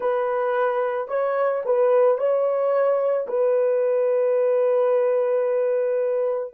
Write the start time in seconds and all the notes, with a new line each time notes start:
0.00 B4
1.08 C#5
1.65 B4
2.18 C#5
3.27 B4